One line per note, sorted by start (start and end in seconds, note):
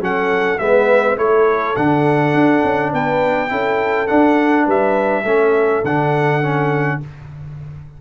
0.00 0.58 F#3
0.00 0.59 C#4
0.00 0.61 A4
0.00 0.58 F#5
0.58 1.17 G#3
0.58 1.17 B3
0.58 1.19 B4
0.58 1.17 E5
1.17 1.75 A3
1.17 1.75 E4
1.17 2.93 A4
1.17 1.76 C#5
1.76 2.34 D3
1.76 3.49 D4
1.76 2.92 F#5
2.34 2.63 D4
2.64 2.93 C#4
2.93 3.51 B3
2.93 3.51 B4
2.93 4.07 G5
3.49 4.09 C#4
3.49 4.07 E4
3.49 4.65 A4
4.07 5.24 D4
4.07 4.67 D4
4.07 4.66 F#5
4.65 5.24 G3
4.65 5.23 B4
4.65 5.85 E5
5.24 5.82 A3
5.24 5.84 C#4
5.24 6.99 A4
5.84 7.00 D3
5.84 6.42 D4
5.84 7.01 F#5
6.42 7.00 C#4